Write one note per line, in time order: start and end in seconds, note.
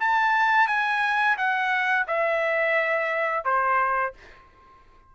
0.00 0.68 A5
0.68 1.37 G#5
1.38 2.07 F#5
2.08 3.45 E5
3.45 4.14 C5